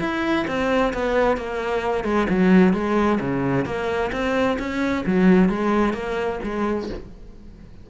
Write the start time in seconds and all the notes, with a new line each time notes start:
0.00 E4
0.47 C4
0.94 B3
1.37 A#3
2.04 G#3
2.29 F#3
2.74 G#3
3.20 C#3
3.66 A#3
4.12 C4
4.59 C#4
5.06 F#3
5.49 G#3
5.94 A#3
6.44 G#3